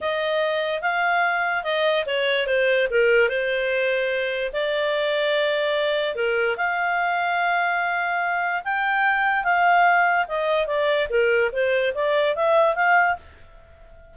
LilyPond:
\new Staff \with { instrumentName = "clarinet" } { \time 4/4 \tempo 4 = 146 dis''2 f''2 | dis''4 cis''4 c''4 ais'4 | c''2. d''4~ | d''2. ais'4 |
f''1~ | f''4 g''2 f''4~ | f''4 dis''4 d''4 ais'4 | c''4 d''4 e''4 f''4 | }